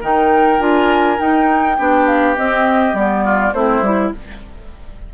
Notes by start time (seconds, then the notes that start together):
0.00 D#3 D#4 A#4 G5
0.59 D4 F4 G#5
1.18 D#4 G5
1.77 B3 D4 G4
2.06 F5
2.36 C4 D#5
2.93 G3 B3 D5
3.24 F4
3.53 A3 C4 E4 C5
3.81 G3 E4